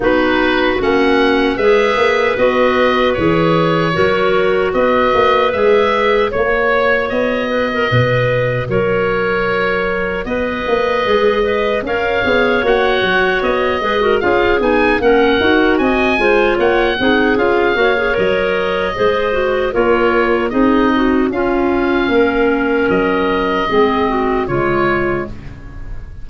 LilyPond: <<
  \new Staff \with { instrumentName = "oboe" } { \time 4/4 \tempo 4 = 76 b'4 fis''4 e''4 dis''4 | cis''2 dis''4 e''4 | cis''4 dis''2 cis''4~ | cis''4 dis''2 f''4 |
fis''4 dis''4 f''8 gis''8 fis''4 | gis''4 fis''4 f''4 dis''4~ | dis''4 cis''4 dis''4 f''4~ | f''4 dis''2 cis''4 | }
  \new Staff \with { instrumentName = "clarinet" } { \time 4/4 fis'2 b'2~ | b'4 ais'4 b'2 | cis''4. b'16 ais'16 b'4 ais'4~ | ais'4 b'4. dis''8 cis''4~ |
cis''4. b'16 ais'16 gis'4 ais'4 | dis''8 c''8 cis''8 gis'4 cis''4. | c''4 ais'4 gis'8 fis'8 f'4 | ais'2 gis'8 fis'8 f'4 | }
  \new Staff \with { instrumentName = "clarinet" } { \time 4/4 dis'4 cis'4 gis'4 fis'4 | gis'4 fis'2 gis'4 | fis'1~ | fis'2 gis'8 b'8 ais'8 gis'8 |
fis'4. gis'16 fis'16 f'8 dis'8 cis'8 fis'8~ | fis'8 f'4 dis'8 f'8 fis'16 gis'16 ais'4 | gis'8 fis'8 f'4 dis'4 cis'4~ | cis'2 c'4 gis4 | }
  \new Staff \with { instrumentName = "tuba" } { \time 4/4 b4 ais4 gis8 ais8 b4 | e4 fis4 b8 ais8 gis4 | ais4 b4 b,4 fis4~ | fis4 b8 ais8 gis4 cis'8 b8 |
ais8 fis8 b8 gis8 cis'8 b8 ais8 dis'8 | c'8 gis8 ais8 c'8 cis'8 ais8 fis4 | gis4 ais4 c'4 cis'4 | ais4 fis4 gis4 cis4 | }
>>